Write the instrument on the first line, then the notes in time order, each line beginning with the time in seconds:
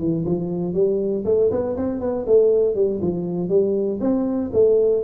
tuba
0.00 E3
0.26 F3
0.74 G3
1.25 A3
1.51 B3
1.77 C4
2.01 B3
2.27 A3
2.75 G3
3.02 F3
3.50 G3
4.01 C4
4.54 A3